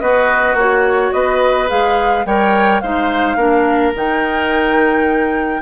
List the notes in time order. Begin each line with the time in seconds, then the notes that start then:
0.00 B3 F#4 B4 D#5
0.54 A#3 F#4 C#5
1.13 B3 B4 D#5
1.68 G#3 G#4 F5
2.25 G3 A#4 C#5 G5
2.80 G#3 D#4 C5 F5
3.36 A#3 D4 A#4
3.95 D#3 D#4 G5